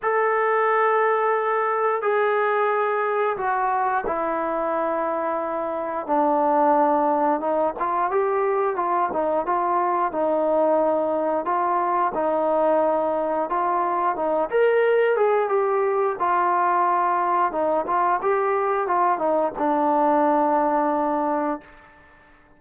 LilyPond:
\new Staff \with { instrumentName = "trombone" } { \time 4/4 \tempo 4 = 89 a'2. gis'4~ | gis'4 fis'4 e'2~ | e'4 d'2 dis'8 f'8 | g'4 f'8 dis'8 f'4 dis'4~ |
dis'4 f'4 dis'2 | f'4 dis'8 ais'4 gis'8 g'4 | f'2 dis'8 f'8 g'4 | f'8 dis'8 d'2. | }